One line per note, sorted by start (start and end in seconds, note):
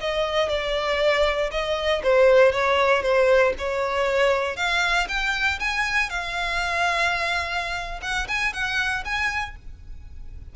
0.00 0.48 D#5
0.48 1.50 D5
1.51 2.02 D#5
2.03 2.51 C5
2.51 3.02 C#5
3.02 3.53 C5
3.58 4.56 C#5
4.56 5.07 F5
5.08 5.59 G5
5.59 6.09 G#5
6.09 8.00 F5
8.02 8.27 F#5
8.28 8.53 G#5
8.53 9.04 F#5
9.05 9.55 G#5